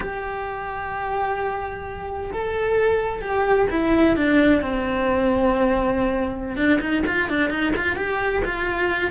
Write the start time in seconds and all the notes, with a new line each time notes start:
0.00 G4
2.32 A4
3.21 G4
3.70 E4
4.16 D4
4.61 C4
6.56 D4
6.80 D#4
7.06 F4
7.29 D4
7.50 D#4
7.76 F4
7.96 G4
8.44 F4